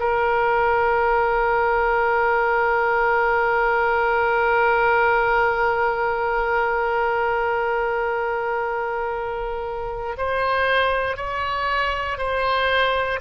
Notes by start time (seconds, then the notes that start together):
0.00 A#4
10.18 C5
11.17 C#5
12.18 C5